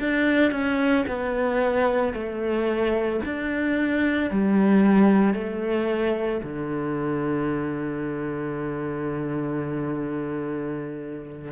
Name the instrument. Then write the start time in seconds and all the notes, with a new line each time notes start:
cello
0.00 D4
0.52 C#4
1.08 B3
2.14 A3
3.26 D4
4.31 G3
5.35 A3
6.44 D3